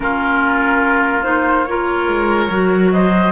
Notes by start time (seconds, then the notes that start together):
0.00 A#3 C#4 F4 A#4
1.23 D#4 C5
1.65 F4 A#4 C#5
2.07 G#3
2.50 F#3 F#4
2.92 C5 D#5